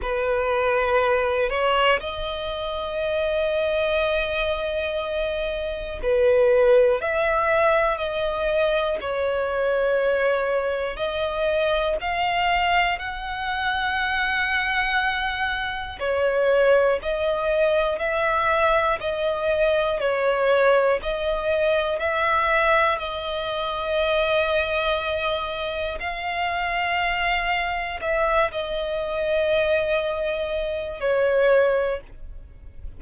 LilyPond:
\new Staff \with { instrumentName = "violin" } { \time 4/4 \tempo 4 = 60 b'4. cis''8 dis''2~ | dis''2 b'4 e''4 | dis''4 cis''2 dis''4 | f''4 fis''2. |
cis''4 dis''4 e''4 dis''4 | cis''4 dis''4 e''4 dis''4~ | dis''2 f''2 | e''8 dis''2~ dis''8 cis''4 | }